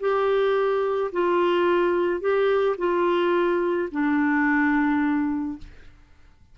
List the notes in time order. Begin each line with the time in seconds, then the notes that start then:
0.00 G4
1.12 F4
2.21 G4
2.78 F4
3.92 D4